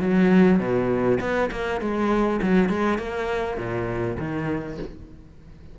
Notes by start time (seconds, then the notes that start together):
0.00 F#3
0.59 B2
1.20 B3
1.51 A#3
1.81 G#3
2.42 F#3
2.69 G#3
2.98 A#3
3.57 A#2
4.19 D#3